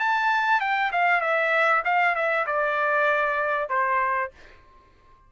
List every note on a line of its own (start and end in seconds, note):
0.00 0.61 A5
0.61 0.92 G5
0.93 1.21 F5
1.21 1.83 E5
1.85 2.16 F5
2.16 2.47 E5
2.47 3.70 D5
3.70 4.32 C5